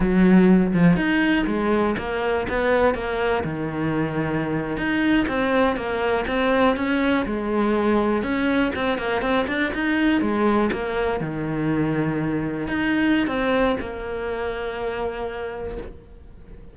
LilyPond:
\new Staff \with { instrumentName = "cello" } { \time 4/4 \tempo 4 = 122 fis4. f8 dis'4 gis4 | ais4 b4 ais4 dis4~ | dis4.~ dis16 dis'4 c'4 ais16~ | ais8. c'4 cis'4 gis4~ gis16~ |
gis8. cis'4 c'8 ais8 c'8 d'8 dis'16~ | dis'8. gis4 ais4 dis4~ dis16~ | dis4.~ dis16 dis'4~ dis'16 c'4 | ais1 | }